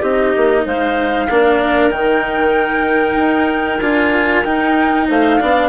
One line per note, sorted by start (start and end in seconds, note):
0.00 0.34 C4
0.00 1.28 D#4
0.00 0.63 G4
0.00 0.65 D#5
0.36 0.65 A#3
0.64 1.29 G#3
0.64 1.27 C5
0.64 1.91 F5
1.29 1.91 A#3
1.29 1.90 D4
1.29 5.08 A#4
1.90 3.16 D#3
1.90 3.80 D#4
1.90 3.80 G5
3.16 3.79 D#4
3.80 4.44 D4
3.80 4.45 F4
3.80 4.43 G#5
4.44 5.08 D#4
4.44 5.39 D#4
4.44 5.07 G5
5.08 5.41 A3
5.08 5.39 C5
5.08 5.69 F5
5.39 5.69 B3
5.39 5.69 D4
5.39 5.69 D5